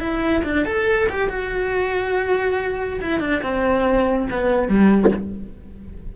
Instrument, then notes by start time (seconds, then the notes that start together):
cello
0.00 E4
0.44 D4
0.66 A4
1.10 G4
1.30 F#4
3.02 E4
3.20 D4
3.43 C4
4.31 B3
4.69 G3